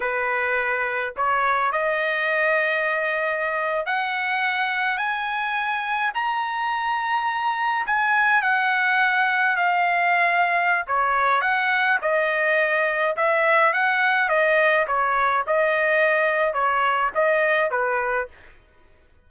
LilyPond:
\new Staff \with { instrumentName = "trumpet" } { \time 4/4 \tempo 4 = 105 b'2 cis''4 dis''4~ | dis''2~ dis''8. fis''4~ fis''16~ | fis''8. gis''2 ais''4~ ais''16~ | ais''4.~ ais''16 gis''4 fis''4~ fis''16~ |
fis''8. f''2~ f''16 cis''4 | fis''4 dis''2 e''4 | fis''4 dis''4 cis''4 dis''4~ | dis''4 cis''4 dis''4 b'4 | }